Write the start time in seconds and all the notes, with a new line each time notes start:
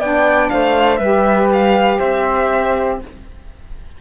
0.00 B3 D4 D5 G5
0.50 A3 C5 F5
0.97 G3 G4 B4 E5
1.53 F5
1.99 C4 C5 E5